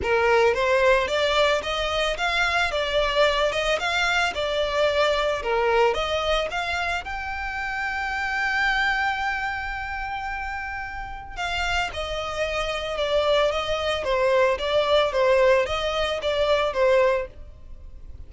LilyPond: \new Staff \with { instrumentName = "violin" } { \time 4/4 \tempo 4 = 111 ais'4 c''4 d''4 dis''4 | f''4 d''4. dis''8 f''4 | d''2 ais'4 dis''4 | f''4 g''2.~ |
g''1~ | g''4 f''4 dis''2 | d''4 dis''4 c''4 d''4 | c''4 dis''4 d''4 c''4 | }